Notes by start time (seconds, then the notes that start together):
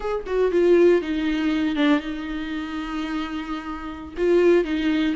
0.00 G#4
0.26 F#4
0.51 F4
1.01 D#4
1.75 D4
2.00 D#4
4.17 F4
4.64 D#4